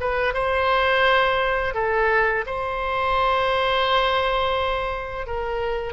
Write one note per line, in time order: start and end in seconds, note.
0.00 0.33 B4
0.33 1.74 C5
1.74 2.44 A4
2.46 5.26 C5
5.26 5.93 A#4